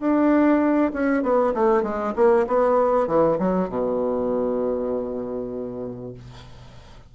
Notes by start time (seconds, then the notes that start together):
0.00 D4
0.93 C#4
1.23 B3
1.54 A3
1.83 G#3
2.16 A#3
2.47 B3
3.08 E3
3.39 F#3
3.69 B2